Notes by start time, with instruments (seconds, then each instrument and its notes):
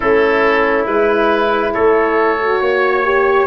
0.00 tuba A3, horn C#4, trumpet E4, oboe A4
0.86 tuba G#3, horn E4, oboe B4
1.73 tuba A3, trumpet A4, oboe C#5
2.39 horn F#4
2.60 tuba A#3, trumpet C#5
3.04 horn G4